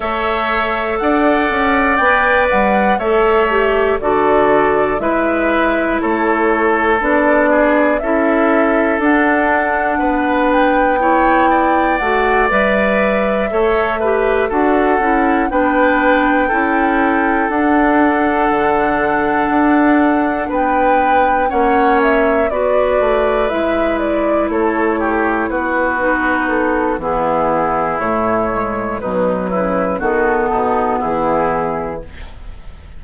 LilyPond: <<
  \new Staff \with { instrumentName = "flute" } { \time 4/4 \tempo 4 = 60 e''4 fis''4 g''8 fis''8 e''4 | d''4 e''4 cis''4 d''4 | e''4 fis''4. g''4. | fis''8 e''2 fis''4 g''8~ |
g''4. fis''2~ fis''8~ | fis''8 g''4 fis''8 e''8 d''4 e''8 | d''8 cis''4 b'4 a'8 gis'4 | cis''4 b'4 a'4 gis'4 | }
  \new Staff \with { instrumentName = "oboe" } { \time 4/4 cis''4 d''2 cis''4 | a'4 b'4 a'4. gis'8 | a'2 b'4 cis''8 d''8~ | d''4. cis''8 b'8 a'4 b'8~ |
b'8 a'2.~ a'8~ | a'8 b'4 cis''4 b'4.~ | b'8 a'8 g'8 fis'4. e'4~ | e'4 dis'8 e'8 fis'8 dis'8 e'4 | }
  \new Staff \with { instrumentName = "clarinet" } { \time 4/4 a'2 b'4 a'8 g'8 | fis'4 e'2 d'4 | e'4 d'2 e'4 | fis'8 b'4 a'8 g'8 fis'8 e'8 d'8~ |
d'8 e'4 d'2~ d'8~ | d'4. cis'4 fis'4 e'8~ | e'2 dis'4 b4 | a8 gis8 fis4 b2 | }
  \new Staff \with { instrumentName = "bassoon" } { \time 4/4 a4 d'8 cis'8 b8 g8 a4 | d4 gis4 a4 b4 | cis'4 d'4 b2 | a8 g4 a4 d'8 cis'8 b8~ |
b8 cis'4 d'4 d4 d'8~ | d'8 b4 ais4 b8 a8 gis8~ | gis8 a4 b4. e4 | a,4 b,8 cis8 dis8 b,8 e4 | }
>>